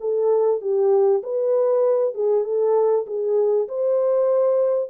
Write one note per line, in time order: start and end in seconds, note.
0.00 0.61 A4
0.61 1.22 G4
1.23 2.14 B4
2.14 2.44 G#4
2.44 3.05 A4
3.06 3.68 G#4
3.68 4.90 C5